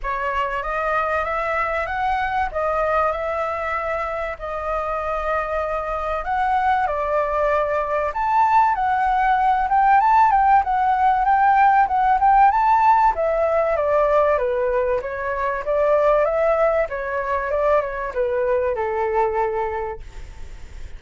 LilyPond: \new Staff \with { instrumentName = "flute" } { \time 4/4 \tempo 4 = 96 cis''4 dis''4 e''4 fis''4 | dis''4 e''2 dis''4~ | dis''2 fis''4 d''4~ | d''4 a''4 fis''4. g''8 |
a''8 g''8 fis''4 g''4 fis''8 g''8 | a''4 e''4 d''4 b'4 | cis''4 d''4 e''4 cis''4 | d''8 cis''8 b'4 a'2 | }